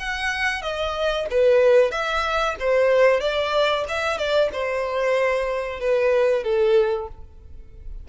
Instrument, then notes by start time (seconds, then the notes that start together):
violin
0.00 F#5
0.62 D#5
1.30 B4
1.91 E5
2.60 C5
3.21 D5
3.89 E5
4.18 D5
4.53 C5
5.80 B4
6.44 A4